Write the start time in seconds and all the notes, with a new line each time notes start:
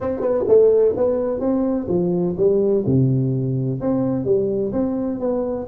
0.00 C4
0.20 B3
0.48 A3
0.97 B3
1.40 C4
1.88 F3
2.37 G3
2.86 C3
3.80 C4
4.24 G3
4.72 C4
5.19 B3